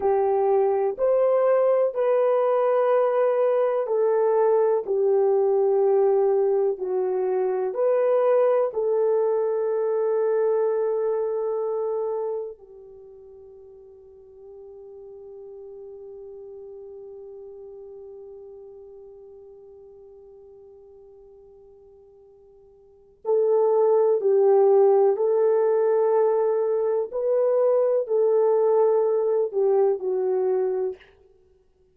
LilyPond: \new Staff \with { instrumentName = "horn" } { \time 4/4 \tempo 4 = 62 g'4 c''4 b'2 | a'4 g'2 fis'4 | b'4 a'2.~ | a'4 g'2.~ |
g'1~ | g'1 | a'4 g'4 a'2 | b'4 a'4. g'8 fis'4 | }